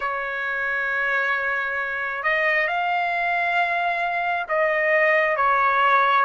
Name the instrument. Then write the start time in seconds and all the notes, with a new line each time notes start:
trumpet
0.00 C#5
2.23 D#5
2.67 F5
4.48 D#5
5.36 C#5